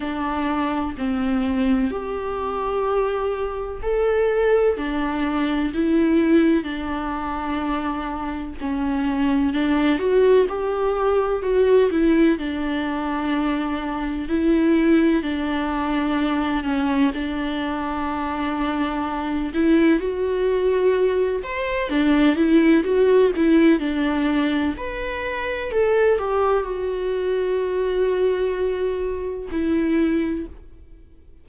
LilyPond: \new Staff \with { instrumentName = "viola" } { \time 4/4 \tempo 4 = 63 d'4 c'4 g'2 | a'4 d'4 e'4 d'4~ | d'4 cis'4 d'8 fis'8 g'4 | fis'8 e'8 d'2 e'4 |
d'4. cis'8 d'2~ | d'8 e'8 fis'4. c''8 d'8 e'8 | fis'8 e'8 d'4 b'4 a'8 g'8 | fis'2. e'4 | }